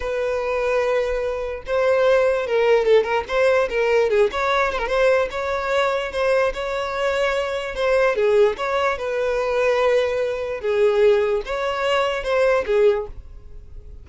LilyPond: \new Staff \with { instrumentName = "violin" } { \time 4/4 \tempo 4 = 147 b'1 | c''2 ais'4 a'8 ais'8 | c''4 ais'4 gis'8 cis''4 c''16 ais'16 | c''4 cis''2 c''4 |
cis''2. c''4 | gis'4 cis''4 b'2~ | b'2 gis'2 | cis''2 c''4 gis'4 | }